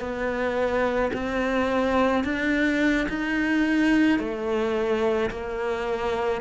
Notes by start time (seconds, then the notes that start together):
0.00 B3
1.14 C4
2.24 D4
3.09 D#4
4.19 A3
5.30 A#3